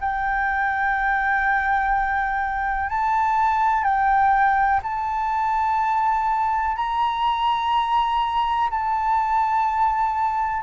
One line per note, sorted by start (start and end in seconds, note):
0.00 2.89 G5
2.89 3.84 A5
3.84 4.80 G5
4.83 6.76 A5
6.76 8.69 A#5
8.70 10.62 A5